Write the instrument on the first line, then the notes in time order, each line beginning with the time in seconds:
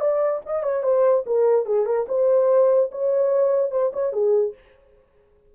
horn
0.00 D5
0.46 D#5
0.63 C#5
0.83 C5
1.26 A#4
1.66 G#4
1.86 A#4
2.08 C5
2.92 C#5
3.71 C5
3.93 C#5
4.12 G#4